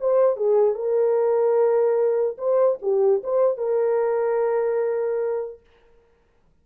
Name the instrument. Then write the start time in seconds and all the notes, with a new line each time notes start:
horn
0.00 C5
0.36 G#4
0.75 A#4
2.38 C5
2.82 G4
3.23 C5
3.57 A#4